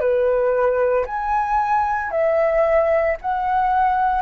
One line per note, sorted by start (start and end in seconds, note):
0.00 1.05 B4
1.05 2.11 G#5
2.11 3.16 E5
3.21 4.22 F#5